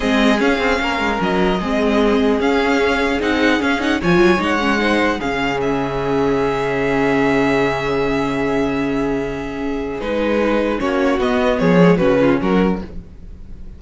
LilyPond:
<<
  \new Staff \with { instrumentName = "violin" } { \time 4/4 \tempo 4 = 150 dis''4 f''2 dis''4~ | dis''2 f''2 | fis''4 f''8 fis''8 gis''4 fis''4~ | fis''4 f''4 e''2~ |
e''1~ | e''1~ | e''4 b'2 cis''4 | dis''4 cis''4 b'4 ais'4 | }
  \new Staff \with { instrumentName = "violin" } { \time 4/4 gis'2 ais'2 | gis'1~ | gis'2 cis''2 | c''4 gis'2.~ |
gis'1~ | gis'1~ | gis'2. fis'4~ | fis'4 gis'4 fis'8 f'8 fis'4 | }
  \new Staff \with { instrumentName = "viola" } { \time 4/4 c'4 cis'2. | c'2 cis'2 | dis'4 cis'8 dis'8 f'4 dis'8 cis'8 | dis'4 cis'2.~ |
cis'1~ | cis'1~ | cis'4 dis'2 cis'4 | b4. gis8 cis'2 | }
  \new Staff \with { instrumentName = "cello" } { \time 4/4 gis4 cis'8 c'8 ais8 gis8 fis4 | gis2 cis'2 | c'4 cis'4 f8 fis8 gis4~ | gis4 cis2.~ |
cis1~ | cis1~ | cis4 gis2 ais4 | b4 f4 cis4 fis4 | }
>>